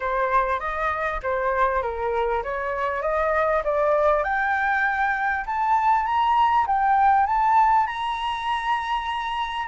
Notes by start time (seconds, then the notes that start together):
0.00 C5
0.59 D#5
1.22 C5
1.82 A#4
2.43 C#5
3.01 D#5
3.64 D5
4.23 G5
5.45 A5
6.05 A#5
6.66 G5
7.26 A5
7.86 A#5